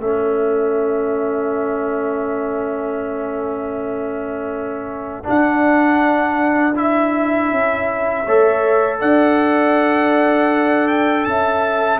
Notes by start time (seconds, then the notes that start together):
0.00 A3 C#4 A4 E5
5.24 D4 F#5
6.76 E4 E5
7.52 C#4
8.25 A3 A4 C#5
9.00 D4 D5 F#5
10.88 G5
11.25 C#4 E5 A5